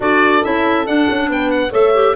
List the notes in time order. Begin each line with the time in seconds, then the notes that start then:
0.00 D4 F#4 A4 D5
0.43 C#4 E4 E5
0.85 D4 F#5
1.09 C#4
1.29 B3 B4 G5
1.50 F#5
1.70 A3 A4 C#5 E5
1.94 G4